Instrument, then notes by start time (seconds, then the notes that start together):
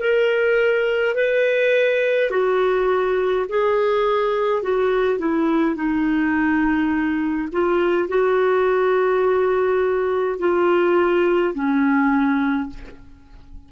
clarinet
0.00 A#4
1.15 B4
2.31 F#4
3.49 G#4
4.63 F#4
5.19 E4
5.75 D#4
7.53 F4
8.08 F#4
10.39 F4
11.54 C#4